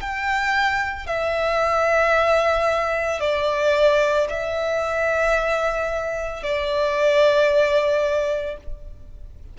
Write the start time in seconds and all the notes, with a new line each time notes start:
0.00 G5
1.06 E5
3.20 D5
4.29 E5
6.42 D5